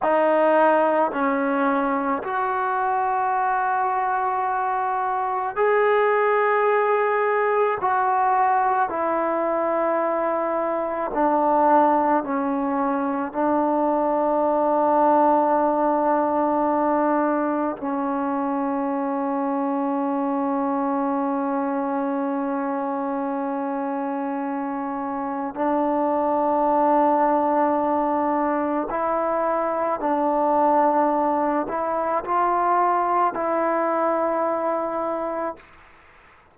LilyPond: \new Staff \with { instrumentName = "trombone" } { \time 4/4 \tempo 4 = 54 dis'4 cis'4 fis'2~ | fis'4 gis'2 fis'4 | e'2 d'4 cis'4 | d'1 |
cis'1~ | cis'2. d'4~ | d'2 e'4 d'4~ | d'8 e'8 f'4 e'2 | }